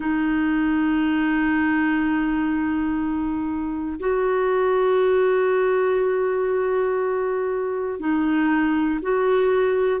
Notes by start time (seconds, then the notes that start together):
0.00 D#4
4.00 F#4
8.00 D#4
9.01 F#4